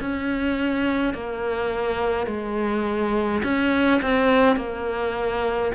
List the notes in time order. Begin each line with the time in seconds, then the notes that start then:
0.00 C#4
1.14 A#3
2.27 G#3
3.44 C#4
4.02 C4
4.56 A#3